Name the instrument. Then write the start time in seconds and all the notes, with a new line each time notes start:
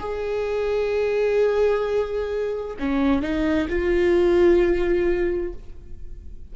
viola
0.00 G#4
2.80 C#4
3.22 D#4
3.69 F4